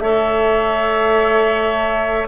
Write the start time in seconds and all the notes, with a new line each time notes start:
0.00 A3 A4 C#5 E5